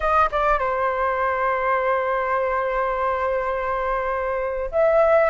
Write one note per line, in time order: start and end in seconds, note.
0.00 0.29 D#5
0.31 0.59 D5
0.59 4.70 C5
4.71 5.30 E5